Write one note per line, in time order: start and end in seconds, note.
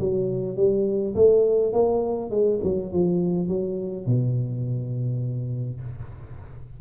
0.00 0.57 F#3
0.57 1.15 G3
1.15 1.73 A3
1.73 2.31 A#3
2.31 2.60 G#3
2.63 2.92 F#3
2.93 3.48 F3
3.48 4.06 F#3
4.06 5.81 B2